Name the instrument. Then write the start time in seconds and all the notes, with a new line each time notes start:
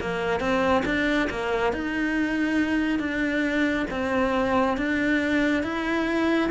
cello
0.00 A#3
0.40 C4
0.85 D4
1.30 A#3
1.73 D#4
2.99 D4
3.90 C4
4.77 D4
5.63 E4